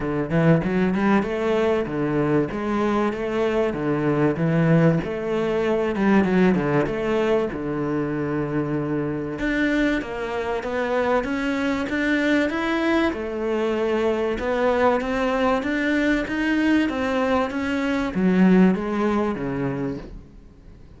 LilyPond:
\new Staff \with { instrumentName = "cello" } { \time 4/4 \tempo 4 = 96 d8 e8 fis8 g8 a4 d4 | gis4 a4 d4 e4 | a4. g8 fis8 d8 a4 | d2. d'4 |
ais4 b4 cis'4 d'4 | e'4 a2 b4 | c'4 d'4 dis'4 c'4 | cis'4 fis4 gis4 cis4 | }